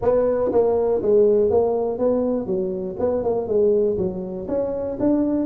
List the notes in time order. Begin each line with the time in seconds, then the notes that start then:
0.01 B3
0.52 A#3
1.02 G#3
1.50 A#3
1.98 B3
2.46 F#3
2.99 B3
3.23 A#3
3.47 G#3
3.97 F#3
4.48 C#4
4.99 D4